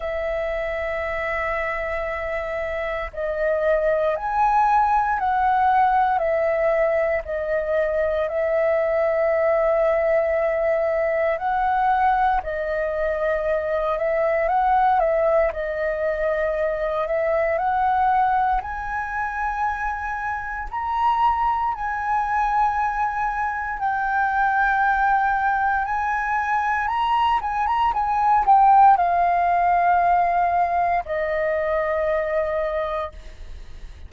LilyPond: \new Staff \with { instrumentName = "flute" } { \time 4/4 \tempo 4 = 58 e''2. dis''4 | gis''4 fis''4 e''4 dis''4 | e''2. fis''4 | dis''4. e''8 fis''8 e''8 dis''4~ |
dis''8 e''8 fis''4 gis''2 | ais''4 gis''2 g''4~ | g''4 gis''4 ais''8 gis''16 ais''16 gis''8 g''8 | f''2 dis''2 | }